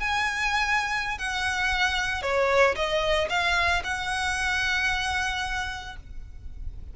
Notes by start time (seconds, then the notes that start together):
0.00 G#5
1.18 F#5
2.22 C#5
2.75 D#5
3.30 F5
3.84 F#5